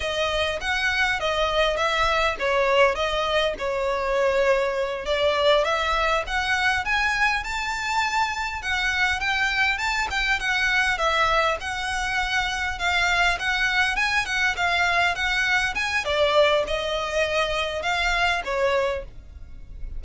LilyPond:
\new Staff \with { instrumentName = "violin" } { \time 4/4 \tempo 4 = 101 dis''4 fis''4 dis''4 e''4 | cis''4 dis''4 cis''2~ | cis''8 d''4 e''4 fis''4 gis''8~ | gis''8 a''2 fis''4 g''8~ |
g''8 a''8 g''8 fis''4 e''4 fis''8~ | fis''4. f''4 fis''4 gis''8 | fis''8 f''4 fis''4 gis''8 d''4 | dis''2 f''4 cis''4 | }